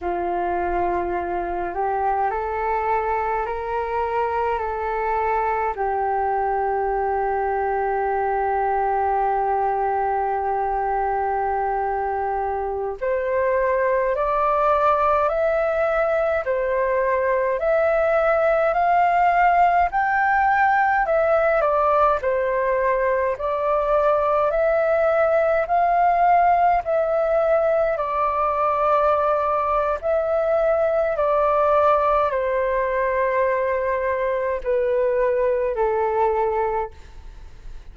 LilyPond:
\new Staff \with { instrumentName = "flute" } { \time 4/4 \tempo 4 = 52 f'4. g'8 a'4 ais'4 | a'4 g'2.~ | g'2.~ g'16 c''8.~ | c''16 d''4 e''4 c''4 e''8.~ |
e''16 f''4 g''4 e''8 d''8 c''8.~ | c''16 d''4 e''4 f''4 e''8.~ | e''16 d''4.~ d''16 e''4 d''4 | c''2 b'4 a'4 | }